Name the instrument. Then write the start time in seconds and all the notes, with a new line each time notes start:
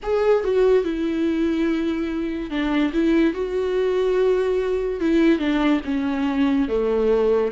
viola
0.02 G#4
0.44 F#4
0.83 E4
2.50 D4
2.93 E4
3.33 F#4
5.00 E4
5.39 D4
5.84 C#4
6.68 A3